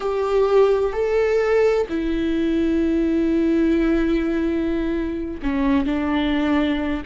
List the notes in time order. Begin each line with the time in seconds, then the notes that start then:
0.00 G4
0.92 A4
1.89 E4
5.42 C#4
5.86 D4